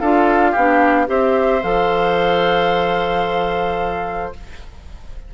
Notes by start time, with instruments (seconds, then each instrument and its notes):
0.00 bassoon D4, clarinet F4, oboe A4, flute F5
0.52 bassoon B3, oboe G4
0.58 clarinet D4
1.07 bassoon C4, clarinet G4, oboe C5, flute E5
1.63 bassoon F3, clarinet A4, flute F5